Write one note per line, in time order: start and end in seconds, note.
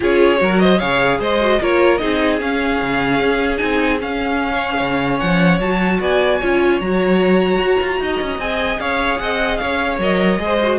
0.00 0.41 C#4
0.00 0.37 F4
0.00 0.40 G#4
0.00 0.59 C#5
0.37 0.81 F#3
0.37 0.77 F#4
0.37 0.62 A#4
0.59 0.78 C5
0.59 0.79 D#5
0.78 1.19 C#3
0.78 1.39 G#4
0.78 1.18 C#5
0.78 1.19 F5
1.19 1.59 G#3
1.19 1.59 C5
1.19 1.62 D#5
1.40 1.60 F#4
1.60 2.01 A#3
1.60 1.99 F4
1.60 2.01 A#4
1.60 1.97 C#5
1.97 2.41 C4
1.97 2.39 D#4
1.97 4.51 G#4
1.97 2.37 D#5
2.41 3.57 C#4
2.41 2.81 C#4
2.41 3.57 F5
2.81 3.20 C#3
3.20 3.60 C#4
3.57 4.01 C4
3.57 3.97 D#4
3.57 3.97 G#5
3.99 5.59 C#4
3.99 4.80 C#4
3.99 5.19 F5
4.53 4.72 C#5
4.72 4.77 G#4
4.72 5.97 C#5
4.80 5.20 C#3
5.19 5.59 F3
5.19 5.59 F#5
5.59 5.99 F#3
5.59 6.41 F#4
5.59 6.00 A5
6.00 6.40 B3
6.00 6.39 D5
6.00 6.80 G#5
6.39 6.80 C#4
6.39 6.81 F4
6.39 7.99 C#5
6.80 7.58 F#3
6.80 8.39 F#4
6.80 8.40 A#5
7.58 7.78 F#4
7.81 8.00 F4
8.00 8.20 D#4
8.00 8.80 D#5
8.21 8.38 C#4
8.38 8.78 C4
8.38 9.99 G#4
8.38 8.80 G#5
8.79 9.19 C#4
8.79 9.20 C#5
8.79 9.18 F5
9.18 9.60 C4
9.18 9.61 D#5
9.18 9.57 F#5
9.57 9.98 C#4
9.57 10.41 C#5
9.57 9.96 F5
9.98 10.38 F#3
9.98 10.39 A#4
9.98 10.78 D#5
10.38 10.78 G#3
10.38 10.59 G#4
10.38 10.78 C5
10.62 10.78 F#4